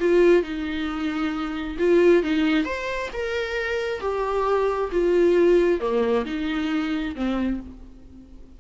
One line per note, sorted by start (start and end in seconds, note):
0.00 0.43 F4
0.43 1.77 D#4
1.78 2.23 F4
2.23 2.65 D#4
2.65 3.09 C5
3.13 4.01 A#4
4.01 4.90 G4
4.92 5.80 F4
5.80 6.25 A#3
6.25 7.15 D#4
7.15 7.60 C4